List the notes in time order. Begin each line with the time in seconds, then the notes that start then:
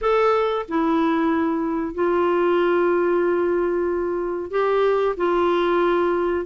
0.01 A4
0.68 E4
1.94 F4
4.50 G4
5.16 F4